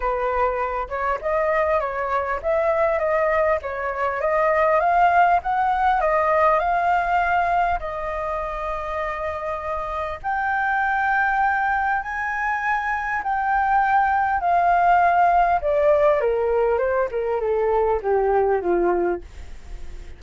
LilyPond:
\new Staff \with { instrumentName = "flute" } { \time 4/4 \tempo 4 = 100 b'4. cis''8 dis''4 cis''4 | e''4 dis''4 cis''4 dis''4 | f''4 fis''4 dis''4 f''4~ | f''4 dis''2.~ |
dis''4 g''2. | gis''2 g''2 | f''2 d''4 ais'4 | c''8 ais'8 a'4 g'4 f'4 | }